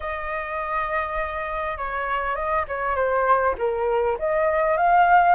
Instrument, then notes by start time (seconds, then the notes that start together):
flute
0.00 D#5
1.77 C#5
2.35 D#5
2.68 C#5
2.95 C5
3.58 A#4
4.19 D#5
4.77 F5